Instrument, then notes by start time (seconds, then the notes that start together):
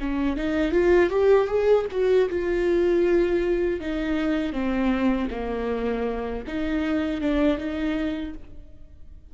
viola
0.00 C#4
0.37 D#4
0.72 F4
1.10 G4
1.48 G#4
1.91 F#4
2.30 F4
3.80 D#4
4.53 C4
5.31 A#3
6.47 D#4
7.21 D4
7.58 D#4